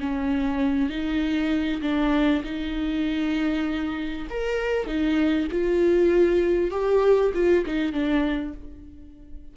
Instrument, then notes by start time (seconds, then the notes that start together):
viola
0.00 C#4
0.89 D#4
1.81 D4
2.44 D#4
4.30 A#4
4.86 D#4
5.52 F4
6.70 G4
7.34 F4
7.66 D#4
7.92 D4